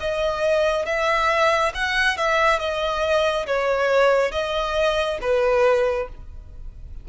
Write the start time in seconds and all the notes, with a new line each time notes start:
0.00 D#5
0.86 E5
1.74 F#5
2.17 E5
2.59 D#5
3.47 C#5
4.32 D#5
5.21 B4